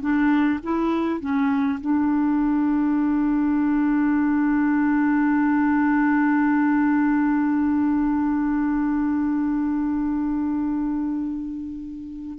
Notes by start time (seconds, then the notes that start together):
0.00 D4
0.63 E4
1.20 C#4
1.80 D4